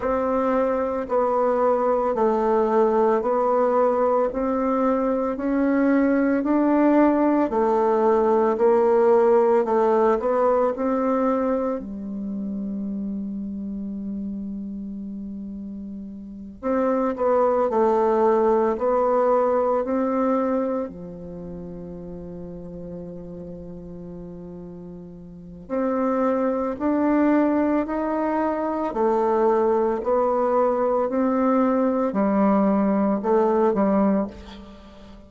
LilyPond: \new Staff \with { instrumentName = "bassoon" } { \time 4/4 \tempo 4 = 56 c'4 b4 a4 b4 | c'4 cis'4 d'4 a4 | ais4 a8 b8 c'4 g4~ | g2.~ g8 c'8 |
b8 a4 b4 c'4 f8~ | f1 | c'4 d'4 dis'4 a4 | b4 c'4 g4 a8 g8 | }